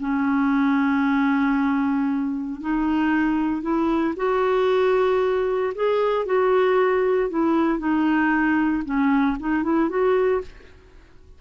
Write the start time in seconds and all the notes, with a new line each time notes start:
0.00 C#4
2.61 D#4
3.62 E4
4.17 F#4
5.75 G#4
6.26 F#4
7.30 E4
7.79 D#4
8.85 C#4
9.40 D#4
9.63 E4
9.89 F#4